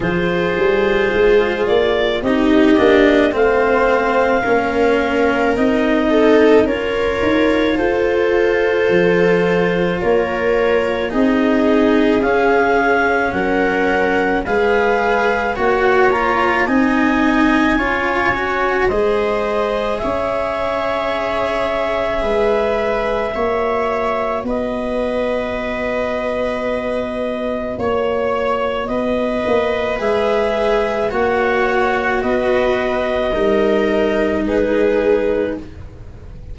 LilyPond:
<<
  \new Staff \with { instrumentName = "clarinet" } { \time 4/4 \tempo 4 = 54 c''4. d''8 dis''4 f''4~ | f''4 dis''4 cis''4 c''4~ | c''4 cis''4 dis''4 f''4 | fis''4 f''4 fis''8 ais''8 gis''4~ |
gis''4 dis''4 e''2~ | e''2 dis''2~ | dis''4 cis''4 dis''4 e''4 | fis''4 dis''2 b'4 | }
  \new Staff \with { instrumentName = "viola" } { \time 4/4 gis'2 g'4 c''4 | ais'4. a'8 ais'4 a'4~ | a'4 ais'4 gis'2 | ais'4 b'4 cis''4 dis''4 |
cis''4 c''4 cis''2 | b'4 cis''4 b'2~ | b'4 cis''4 b'2 | cis''4 b'4 ais'4 gis'4 | }
  \new Staff \with { instrumentName = "cello" } { \time 4/4 f'2 dis'8 d'8 c'4 | cis'4 dis'4 f'2~ | f'2 dis'4 cis'4~ | cis'4 gis'4 fis'8 f'8 dis'4 |
f'8 fis'8 gis'2.~ | gis'4 fis'2.~ | fis'2. gis'4 | fis'2 dis'2 | }
  \new Staff \with { instrumentName = "tuba" } { \time 4/4 f8 g8 gis8 ais8 c'8 ais8 a4 | ais4 c'4 cis'8 dis'8 f'4 | f4 ais4 c'4 cis'4 | fis4 gis4 ais4 c'4 |
cis'4 gis4 cis'2 | gis4 ais4 b2~ | b4 ais4 b8 ais8 gis4 | ais4 b4 g4 gis4 | }
>>